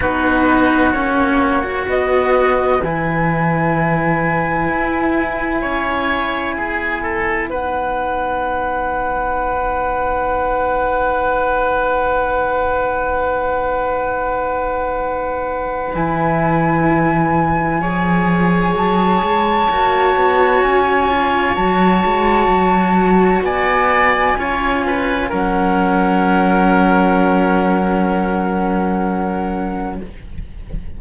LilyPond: <<
  \new Staff \with { instrumentName = "flute" } { \time 4/4 \tempo 4 = 64 b'4 cis''4 dis''4 gis''4~ | gis''1 | fis''1~ | fis''1~ |
fis''4 gis''2. | a''2 gis''4 a''4~ | a''4 gis''2 fis''4~ | fis''1 | }
  \new Staff \with { instrumentName = "oboe" } { \time 4/4 fis'2 b'2~ | b'2 cis''4 gis'8 a'8 | b'1~ | b'1~ |
b'2. cis''4~ | cis''1~ | cis''4 d''4 cis''8 b'8 ais'4~ | ais'1 | }
  \new Staff \with { instrumentName = "cello" } { \time 4/4 dis'4 cis'8. fis'4~ fis'16 e'4~ | e'1 | dis'1~ | dis'1~ |
dis'4 e'2 gis'4~ | gis'4 fis'4. f'8 fis'4~ | fis'2 f'4 cis'4~ | cis'1 | }
  \new Staff \with { instrumentName = "cello" } { \time 4/4 b4 ais4 b4 e4~ | e4 e'4 cis'4 b4~ | b1~ | b1~ |
b4 e2 f4 | fis8 gis8 ais8 b8 cis'4 fis8 gis8 | fis4 b4 cis'4 fis4~ | fis1 | }
>>